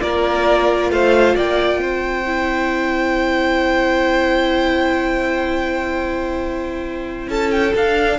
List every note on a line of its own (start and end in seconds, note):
0.00 0.90 A#3
0.00 2.24 F4
0.00 0.92 A#4
0.00 0.90 D5
0.90 1.35 A3
0.90 1.35 C5
0.90 1.36 F5
1.35 1.79 A#3
1.35 1.80 D5
1.35 7.29 G5
1.79 7.27 C4
1.79 7.28 C5
2.26 7.74 E4
7.28 7.72 C#4
7.28 8.18 A4
7.28 7.51 A5
7.51 7.73 G5
7.75 8.18 D4
7.75 8.18 F5